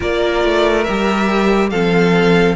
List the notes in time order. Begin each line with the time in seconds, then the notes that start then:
0.00 A#3 F4 A#4 D5
0.44 A3
0.83 G3 G4 E5
1.69 F3 C4 A4 F5